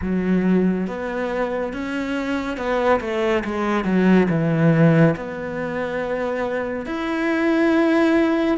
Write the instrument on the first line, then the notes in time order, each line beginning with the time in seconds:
cello
0.01 F#3
0.87 B3
1.73 C#4
2.57 B3
3.00 A3
3.44 G#3
3.84 F#3
4.29 E3
5.15 B3
6.86 E4